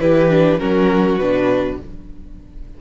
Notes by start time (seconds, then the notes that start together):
0.00 E3 E4 G4 B4
0.30 D4
0.59 F#3 C#4 F#4 A#4
1.18 B2 D4 B4